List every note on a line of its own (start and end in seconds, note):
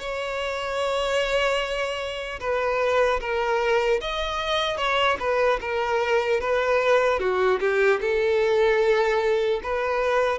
0.00 2.40 C#5
2.40 3.20 B4
3.21 4.01 A#4
4.01 4.77 D#5
4.77 5.17 C#5
5.20 5.60 B4
5.61 6.41 A#4
6.41 7.20 B4
7.20 7.60 F#4
7.60 8.00 G4
8.01 9.61 A4
9.63 10.39 B4